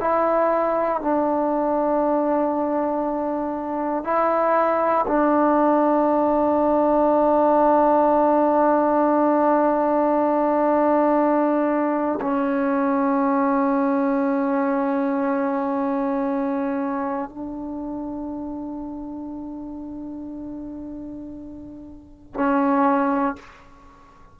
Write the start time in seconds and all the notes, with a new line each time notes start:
0.00 E4
1.01 D4
4.04 E4
5.07 D4
12.21 C#4
17.30 D4
22.34 C#4